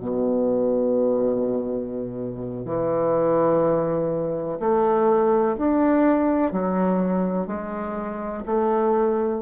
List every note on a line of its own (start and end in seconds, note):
0.00 2.66 B2
2.66 4.59 E3
4.60 5.57 A3
5.58 6.52 D4
6.52 7.47 F#3
7.47 8.44 G#3
8.46 9.42 A3